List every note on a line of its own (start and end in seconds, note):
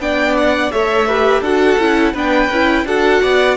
0.00 0.71 B3
0.00 0.72 D4
0.00 0.73 D5
0.00 0.37 G5
0.37 0.72 F#5
0.72 1.41 A3
0.72 1.07 A4
0.72 1.07 C#5
0.72 1.43 E5
1.07 1.44 G4
1.07 1.41 B4
1.41 1.77 D4
1.41 1.80 F#4
1.41 2.13 A4
1.41 2.15 F#5
1.79 2.14 C#4
1.79 2.15 E4
2.13 2.50 B3
2.13 2.51 D4
2.13 2.85 B4
2.13 2.87 G5
2.50 2.85 C#4
2.50 2.86 E4
2.85 3.21 D4
2.85 3.57 F#4
2.85 3.22 A4
2.85 3.57 F#5
3.22 3.57 B3
3.22 3.57 D5